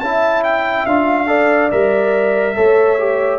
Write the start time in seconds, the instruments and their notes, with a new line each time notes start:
0.00 tuba C#4, trombone E4, horn E5, trumpet A5
0.43 trumpet G5
0.86 tuba D4, trombone F4, trumpet F5
1.27 trombone A4, horn D5
1.71 tuba G3, trombone A#4, trumpet E5
2.55 tuba A3, trombone A4, horn C#5
2.98 trombone G4